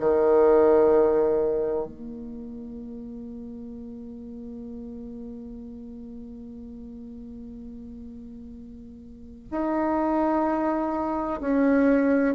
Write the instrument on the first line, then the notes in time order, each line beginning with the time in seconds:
bassoon
0.00 D#3
1.86 A#3
9.51 D#4
11.41 C#4